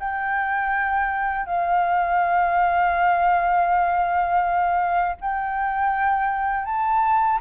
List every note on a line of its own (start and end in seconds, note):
0.00 1.46 G5
1.46 5.16 F5
5.21 6.65 G5
6.65 7.39 A5